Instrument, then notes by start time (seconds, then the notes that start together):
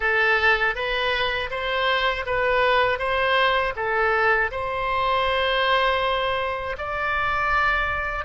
oboe
0.00 A4
0.75 B4
1.50 C5
2.25 B4
2.98 C5
3.75 A4
4.51 C5
6.77 D5